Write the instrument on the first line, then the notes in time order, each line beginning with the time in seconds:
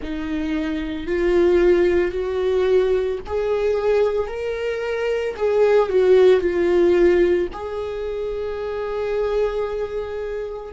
viola
0.02 D#4
1.07 F4
2.11 F#4
3.26 G#4
4.27 A#4
5.36 G#4
5.89 F#4
6.40 F4
7.52 G#4